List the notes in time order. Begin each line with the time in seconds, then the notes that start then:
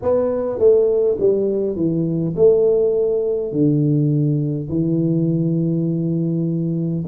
0.02 B3
0.58 A3
1.19 G3
1.76 E3
2.36 A3
3.52 D3
4.69 E3